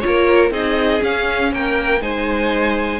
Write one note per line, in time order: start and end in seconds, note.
0.00 0.50 A#3
0.00 0.51 F4
0.00 0.50 C#5
0.06 0.52 A#4
0.50 1.00 C4
0.50 0.99 D#4
0.50 1.51 G#4
0.50 1.02 D#5
0.99 1.99 C#4
0.99 1.52 C#4
0.99 1.53 F5
1.52 2.01 A#3
1.52 2.01 A#4
1.52 2.02 G5
2.01 3.00 G#3
2.01 3.00 D#4
2.01 3.00 C5
2.01 3.00 G#5